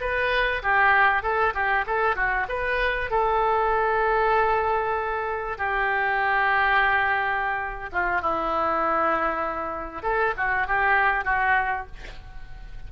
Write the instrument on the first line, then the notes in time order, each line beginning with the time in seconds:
oboe
0.00 B4
0.62 G4
1.22 A4
1.54 G4
1.86 A4
2.15 F#4
2.48 B4
3.10 A4
5.58 G4
7.92 F4
8.21 E4
10.02 A4
10.37 F#4
10.66 G4
11.24 F#4